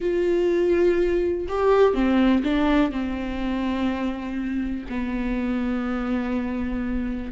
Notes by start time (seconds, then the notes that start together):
0.00 F4
1.48 G4
1.94 C4
2.43 D4
2.91 C4
4.89 B3